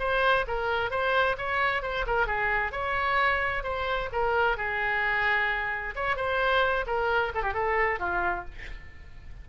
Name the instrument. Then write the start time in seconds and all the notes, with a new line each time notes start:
oboe
0.00 C5
0.48 A#4
0.91 C5
1.38 C#5
1.83 C5
2.07 A#4
2.27 G#4
2.73 C#5
3.64 C5
4.13 A#4
4.58 G#4
5.96 C#5
6.17 C5
6.87 A#4
7.35 A4
7.43 G4
7.54 A4
8.00 F4